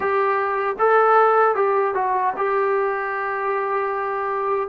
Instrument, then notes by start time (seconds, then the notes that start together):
trombone
0.00 G4
0.79 A4
1.55 G4
1.94 F#4
2.36 G4